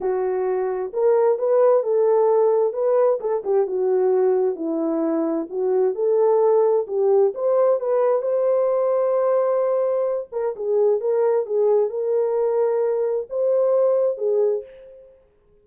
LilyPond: \new Staff \with { instrumentName = "horn" } { \time 4/4 \tempo 4 = 131 fis'2 ais'4 b'4 | a'2 b'4 a'8 g'8 | fis'2 e'2 | fis'4 a'2 g'4 |
c''4 b'4 c''2~ | c''2~ c''8 ais'8 gis'4 | ais'4 gis'4 ais'2~ | ais'4 c''2 gis'4 | }